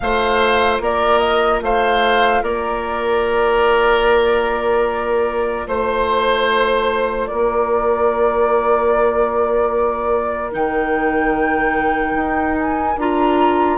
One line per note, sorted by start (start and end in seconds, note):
0.00 0.80 A3
0.00 10.51 F4
0.00 0.82 C5
0.00 0.79 F5
0.80 1.61 A#3
0.80 1.63 A#4
0.80 1.18 D5
1.18 1.59 D#5
1.61 2.42 A3
1.61 2.42 C5
1.61 2.43 F5
2.42 5.66 A#3
2.42 5.67 A#4
2.42 5.68 D5
5.67 7.29 A3
5.67 7.29 C5
5.67 7.26 C5
7.26 10.54 A#3
7.26 13.77 A#4
7.26 10.50 D5
10.51 12.15 D#3
10.51 12.94 D#4
10.51 12.57 G5
12.15 12.96 D#4
12.57 12.98 G#5
12.96 13.77 D4
12.96 13.77 F4
12.96 13.77 A#5